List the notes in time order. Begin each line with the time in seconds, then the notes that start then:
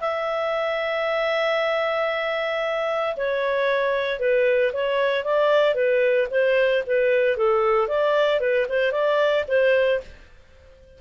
0.00 E5
3.16 C#5
4.19 B4
4.73 C#5
5.24 D5
5.74 B4
6.30 C5
6.86 B4
7.37 A4
7.87 D5
8.40 B4
8.69 C5
8.92 D5
9.48 C5